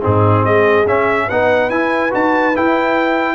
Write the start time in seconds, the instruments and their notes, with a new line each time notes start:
0.00 tuba G#2, trombone C4, horn D#4, trumpet G#4
0.42 tuba G#3, horn G#4, trumpet D#5
0.86 tuba C#4, trombone C#4, trumpet E5
1.26 tuba B3, trombone D#4, horn B4, trumpet F#5
1.70 tuba E4, trombone E4, trumpet G#5
2.11 tuba D#4, trombone F#4, trumpet A5
2.56 trombone E4, tuba E4, trumpet G5